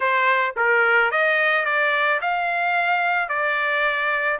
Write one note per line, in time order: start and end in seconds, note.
0.00 0.55 C5
0.56 1.11 A#4
1.11 1.65 D#5
1.65 2.20 D5
2.21 3.28 F5
3.28 4.38 D5